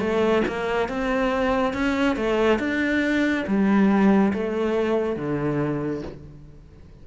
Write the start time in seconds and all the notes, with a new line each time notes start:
0.00 A3
0.48 A#3
0.88 C4
1.74 C#4
2.16 A3
2.59 D4
3.47 G3
4.34 A3
5.17 D3